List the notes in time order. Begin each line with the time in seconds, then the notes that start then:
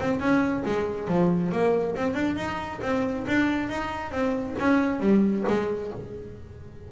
0.00 C4
0.20 C#4
0.65 G#3
1.08 F3
1.52 A#3
1.96 C4
2.14 D4
2.36 D#4
2.82 C4
3.27 D4
3.69 D#4
4.11 C4
4.59 C#4
5.00 G3
5.48 G#3